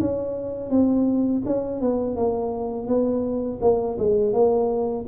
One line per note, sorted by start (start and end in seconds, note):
0.00 0.70 C#4
0.70 1.42 C4
1.46 1.81 C#4
1.81 2.16 B3
2.16 2.87 A#3
2.87 3.59 B3
3.61 3.97 A#3
3.98 4.33 G#3
4.33 5.06 A#3